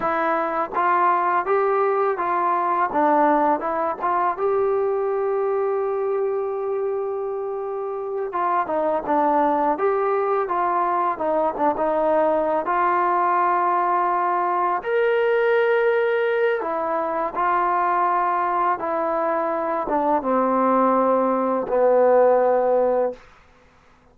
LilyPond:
\new Staff \with { instrumentName = "trombone" } { \time 4/4 \tempo 4 = 83 e'4 f'4 g'4 f'4 | d'4 e'8 f'8 g'2~ | g'2.~ g'8 f'8 | dis'8 d'4 g'4 f'4 dis'8 |
d'16 dis'4~ dis'16 f'2~ f'8~ | f'8 ais'2~ ais'8 e'4 | f'2 e'4. d'8 | c'2 b2 | }